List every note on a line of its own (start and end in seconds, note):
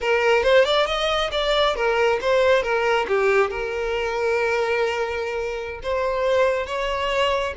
0.00 0.43 A#4
0.43 0.64 C5
0.64 0.86 D5
0.86 1.30 D#5
1.31 1.75 D5
1.75 2.19 A#4
2.21 2.62 C5
2.62 3.06 A#4
3.08 3.50 G4
3.50 5.80 A#4
5.82 6.66 C5
6.66 7.53 C#5